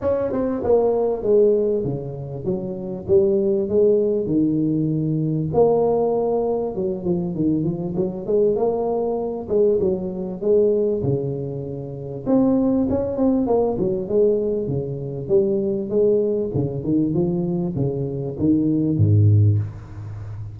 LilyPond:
\new Staff \with { instrumentName = "tuba" } { \time 4/4 \tempo 4 = 98 cis'8 c'8 ais4 gis4 cis4 | fis4 g4 gis4 dis4~ | dis4 ais2 fis8 f8 | dis8 f8 fis8 gis8 ais4. gis8 |
fis4 gis4 cis2 | c'4 cis'8 c'8 ais8 fis8 gis4 | cis4 g4 gis4 cis8 dis8 | f4 cis4 dis4 gis,4 | }